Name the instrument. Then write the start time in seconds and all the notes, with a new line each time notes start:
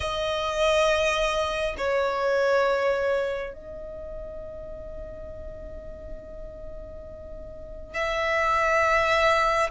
violin
0.00 D#5
1.77 C#5
3.53 D#5
7.94 E5